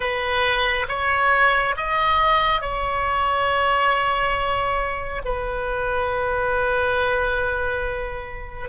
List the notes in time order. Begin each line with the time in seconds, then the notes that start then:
0.00 B4
0.88 C#5
1.76 D#5
2.61 C#5
5.24 B4